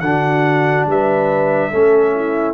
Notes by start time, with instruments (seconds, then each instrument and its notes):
0.00 tuba D3, trombone D4, horn F#4, trumpet F#5
0.86 tuba G3, horn B4, trumpet E5
1.70 tuba A3, trombone C#4, horn A4
2.15 horn E4